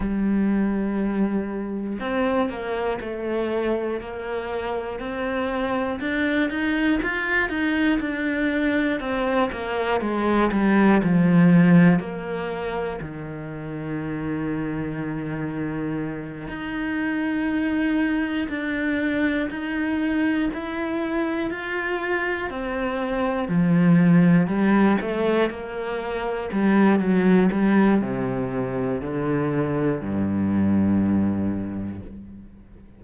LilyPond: \new Staff \with { instrumentName = "cello" } { \time 4/4 \tempo 4 = 60 g2 c'8 ais8 a4 | ais4 c'4 d'8 dis'8 f'8 dis'8 | d'4 c'8 ais8 gis8 g8 f4 | ais4 dis2.~ |
dis8 dis'2 d'4 dis'8~ | dis'8 e'4 f'4 c'4 f8~ | f8 g8 a8 ais4 g8 fis8 g8 | c4 d4 g,2 | }